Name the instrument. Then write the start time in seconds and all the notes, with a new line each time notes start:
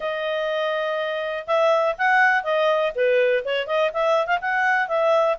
clarinet
0.00 D#5
1.46 E5
1.98 F#5
2.43 D#5
2.95 B4
3.44 C#5
3.66 D#5
3.93 E5
4.26 F5
4.41 F#5
4.88 E5